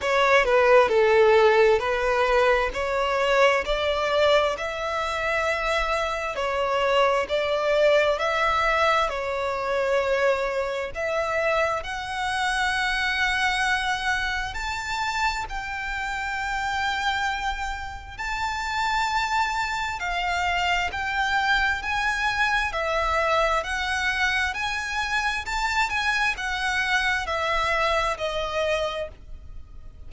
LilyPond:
\new Staff \with { instrumentName = "violin" } { \time 4/4 \tempo 4 = 66 cis''8 b'8 a'4 b'4 cis''4 | d''4 e''2 cis''4 | d''4 e''4 cis''2 | e''4 fis''2. |
a''4 g''2. | a''2 f''4 g''4 | gis''4 e''4 fis''4 gis''4 | a''8 gis''8 fis''4 e''4 dis''4 | }